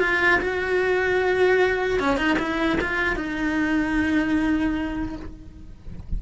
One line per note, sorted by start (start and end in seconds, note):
0.00 0.40 F4
0.41 1.99 F#4
1.99 2.17 C#4
2.17 2.37 D#4
2.39 2.79 E4
2.81 3.16 F4
3.16 5.16 D#4